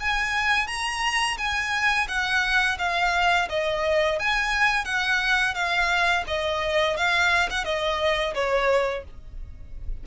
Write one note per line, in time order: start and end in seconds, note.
0.00 0.68 G#5
0.68 1.37 A#5
1.38 2.07 G#5
2.08 2.78 F#5
2.79 3.49 F5
3.49 4.19 D#5
4.19 4.85 G#5
4.85 5.55 F#5
5.55 6.24 F5
6.27 6.97 D#5
6.97 7.49 F5
7.50 7.64 F#5
7.64 8.34 D#5
8.34 9.04 C#5